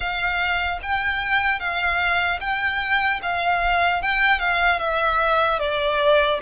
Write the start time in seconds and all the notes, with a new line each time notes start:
0.00 F5
0.82 G5
1.59 F5
2.40 G5
3.22 F5
4.02 G5
4.39 F5
4.79 E5
5.59 D5